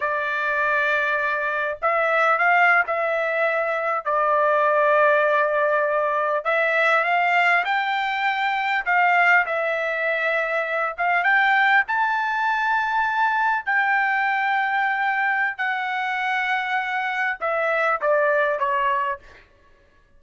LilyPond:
\new Staff \with { instrumentName = "trumpet" } { \time 4/4 \tempo 4 = 100 d''2. e''4 | f''8. e''2 d''4~ d''16~ | d''2~ d''8. e''4 f''16~ | f''8. g''2 f''4 e''16~ |
e''2~ e''16 f''8 g''4 a''16~ | a''2~ a''8. g''4~ g''16~ | g''2 fis''2~ | fis''4 e''4 d''4 cis''4 | }